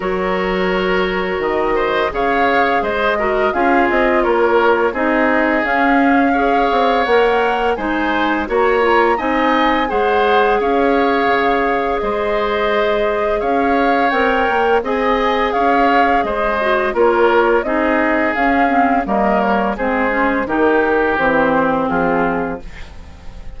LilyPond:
<<
  \new Staff \with { instrumentName = "flute" } { \time 4/4 \tempo 4 = 85 cis''2 dis''4 f''4 | dis''4 f''8 dis''8 cis''4 dis''4 | f''2 fis''4 gis''4 | ais''4 gis''4 fis''4 f''4~ |
f''4 dis''2 f''4 | g''4 gis''4 f''4 dis''4 | cis''4 dis''4 f''4 dis''8 cis''8 | c''4 ais'4 c''4 gis'4 | }
  \new Staff \with { instrumentName = "oboe" } { \time 4/4 ais'2~ ais'8 c''8 cis''4 | c''8 ais'8 gis'4 ais'4 gis'4~ | gis'4 cis''2 c''4 | cis''4 dis''4 c''4 cis''4~ |
cis''4 c''2 cis''4~ | cis''4 dis''4 cis''4 c''4 | ais'4 gis'2 ais'4 | gis'4 g'2 f'4 | }
  \new Staff \with { instrumentName = "clarinet" } { \time 4/4 fis'2. gis'4~ | gis'8 fis'8 f'2 dis'4 | cis'4 gis'4 ais'4 dis'4 | fis'8 f'8 dis'4 gis'2~ |
gis'1 | ais'4 gis'2~ gis'8 fis'8 | f'4 dis'4 cis'8 c'8 ais4 | c'8 cis'8 dis'4 c'2 | }
  \new Staff \with { instrumentName = "bassoon" } { \time 4/4 fis2 dis4 cis4 | gis4 cis'8 c'8 ais4 c'4 | cis'4. c'8 ais4 gis4 | ais4 c'4 gis4 cis'4 |
cis4 gis2 cis'4 | c'8 ais8 c'4 cis'4 gis4 | ais4 c'4 cis'4 g4 | gis4 dis4 e4 f4 | }
>>